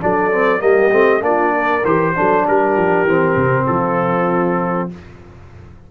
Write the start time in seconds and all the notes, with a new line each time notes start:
0.00 F#3 D4 A4 D5
0.31 C4
0.59 G3 A#3 G4 D#5
0.90 A3 C4
1.20 A#3 D4 F4 D5
1.52 A#4
1.84 E3 G4 C5
2.15 F#3 D4 A4
2.45 G3 G4 A#4
2.76 F3
3.04 E3 C4
3.35 C3
3.64 F3 F4 A4